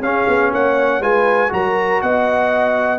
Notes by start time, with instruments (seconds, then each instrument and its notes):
0.00 tuba C#4, trombone C#4, horn G#4, trumpet F5
0.27 tuba B3
0.52 tuba A#3, horn C#5, trumpet F#5
1.00 tuba G#3, trombone F4, horn B4, trumpet G#5
1.49 tuba F#3, trombone F#4, horn A#4, trumpet A#5
2.01 tuba B3, horn D#5, trumpet F#5